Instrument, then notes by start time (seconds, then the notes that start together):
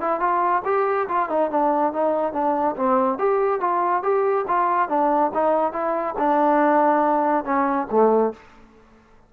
trombone
0.00 E4
0.20 F4
0.65 G4
1.08 F4
1.29 D#4
1.50 D4
1.93 D#4
2.32 D4
2.76 C4
3.18 G4
3.60 F4
4.02 G4
4.47 F4
4.89 D4
5.33 D#4
5.72 E4
6.18 D4
7.44 C#4
7.90 A3